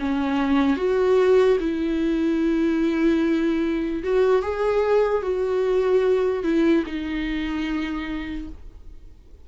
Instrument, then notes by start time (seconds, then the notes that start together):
viola
0.00 C#4
0.77 F#4
1.60 E4
4.04 F#4
4.43 G#4
5.23 F#4
6.44 E4
6.87 D#4